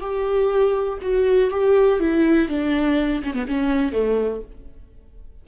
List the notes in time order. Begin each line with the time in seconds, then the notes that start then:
0.00 G4
1.01 F#4
1.50 G4
1.99 E4
2.48 D4
3.23 C#4
3.34 B3
3.48 C#4
3.92 A3